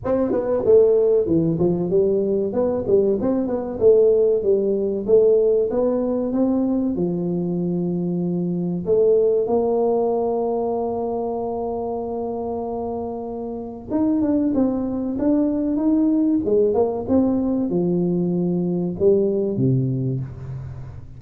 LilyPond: \new Staff \with { instrumentName = "tuba" } { \time 4/4 \tempo 4 = 95 c'8 b8 a4 e8 f8 g4 | b8 g8 c'8 b8 a4 g4 | a4 b4 c'4 f4~ | f2 a4 ais4~ |
ais1~ | ais2 dis'8 d'8 c'4 | d'4 dis'4 gis8 ais8 c'4 | f2 g4 c4 | }